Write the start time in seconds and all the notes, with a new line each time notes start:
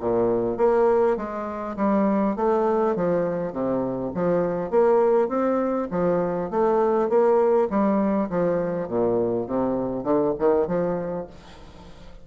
0.00 A#2
0.58 A#3
1.17 G#3
1.77 G3
2.36 A3
2.95 F3
3.52 C3
4.14 F3
4.70 A#3
5.28 C4
5.91 F3
6.50 A3
7.09 A#3
7.70 G3
8.30 F3
8.88 A#2
9.47 C3
10.04 D3
10.39 D#3
10.67 F3